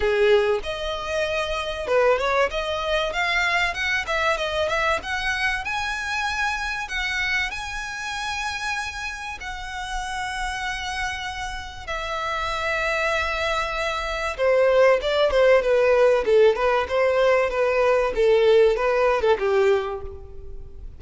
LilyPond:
\new Staff \with { instrumentName = "violin" } { \time 4/4 \tempo 4 = 96 gis'4 dis''2 b'8 cis''8 | dis''4 f''4 fis''8 e''8 dis''8 e''8 | fis''4 gis''2 fis''4 | gis''2. fis''4~ |
fis''2. e''4~ | e''2. c''4 | d''8 c''8 b'4 a'8 b'8 c''4 | b'4 a'4 b'8. a'16 g'4 | }